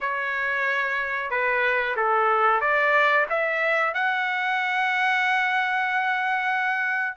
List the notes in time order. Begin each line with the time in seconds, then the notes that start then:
0.00 C#5
1.30 B4
1.96 A4
2.61 D5
3.29 E5
3.94 F#5